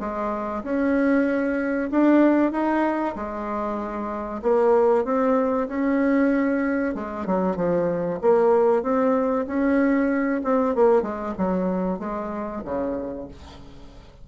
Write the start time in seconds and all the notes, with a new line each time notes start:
0.00 G#3
0.63 C#4
1.91 D4
2.52 D#4
3.16 G#3
4.42 A#3
5.05 C4
5.68 C#4
6.95 G#3
7.26 F#3
7.56 F3
8.22 A#3
8.83 C4
9.47 C#4
10.44 C4
10.75 A#3
11.02 G#3
11.38 F#3
11.99 G#3
12.65 C#3